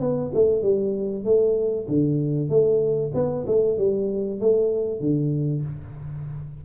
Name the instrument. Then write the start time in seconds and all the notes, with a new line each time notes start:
tuba
0.00 B3
0.34 A3
0.62 G3
1.24 A3
1.88 D3
2.49 A3
3.14 B3
3.46 A3
3.78 G3
4.40 A3
5.00 D3